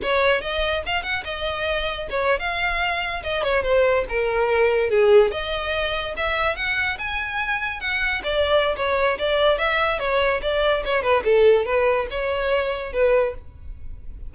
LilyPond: \new Staff \with { instrumentName = "violin" } { \time 4/4 \tempo 4 = 144 cis''4 dis''4 f''8 fis''8 dis''4~ | dis''4 cis''8. f''2 dis''16~ | dis''16 cis''8 c''4 ais'2 gis'16~ | gis'8. dis''2 e''4 fis''16~ |
fis''8. gis''2 fis''4 d''16~ | d''4 cis''4 d''4 e''4 | cis''4 d''4 cis''8 b'8 a'4 | b'4 cis''2 b'4 | }